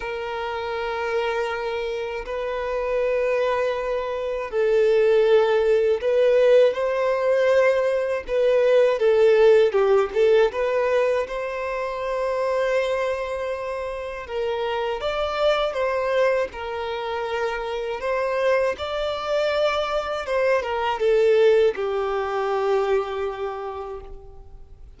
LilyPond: \new Staff \with { instrumentName = "violin" } { \time 4/4 \tempo 4 = 80 ais'2. b'4~ | b'2 a'2 | b'4 c''2 b'4 | a'4 g'8 a'8 b'4 c''4~ |
c''2. ais'4 | d''4 c''4 ais'2 | c''4 d''2 c''8 ais'8 | a'4 g'2. | }